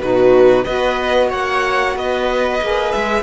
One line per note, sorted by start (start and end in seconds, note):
0.00 0.65 B2
0.00 0.65 D#4
0.00 0.64 F#4
0.00 0.64 B4
0.64 1.32 B3
0.64 2.59 F#4
0.64 1.28 B4
0.64 1.29 D#5
1.29 1.96 A#3
1.29 1.94 C#5
1.29 1.97 F#5
1.96 2.60 B3
1.96 3.22 B4
1.96 2.92 D#5
2.60 2.93 A#3
2.60 3.22 G#4
2.92 3.22 G#3
2.92 3.22 E5